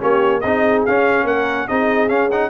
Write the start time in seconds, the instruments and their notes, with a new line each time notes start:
0.00 tuba A#3, trombone C#4, horn G4, trumpet C#5
0.41 tuba C4, trombone D#4, horn G#4, trumpet D#5
0.86 tuba C#4, trombone C#4, trumpet F5
1.24 tuba A#3, horn A#4, trumpet F#5
1.68 tuba C4, trombone D#4, horn G#4, trumpet D#5
2.09 trombone C#4, tuba C#4, trumpet F5
2.32 trombone D#4, trumpet F#5